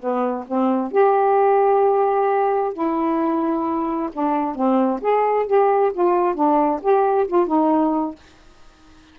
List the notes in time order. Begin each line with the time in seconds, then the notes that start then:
0.00 B3
0.48 C4
0.92 G4
2.74 E4
4.13 D4
4.56 C4
5.01 G#4
5.47 G4
5.94 F4
6.35 D4
6.82 G4
7.28 F4
7.47 D#4